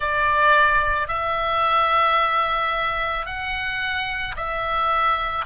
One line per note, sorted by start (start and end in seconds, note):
0.00 1.08 D5
1.08 3.26 E5
3.26 4.35 F#5
4.36 5.45 E5